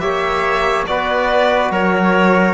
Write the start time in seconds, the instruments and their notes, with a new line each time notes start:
0.00 cello A#3, trombone G4, trumpet C#5, violin E5
0.87 cello B3, trombone F#4, trumpet B4, violin D5
1.71 cello F#3, trumpet A#4, violin C#5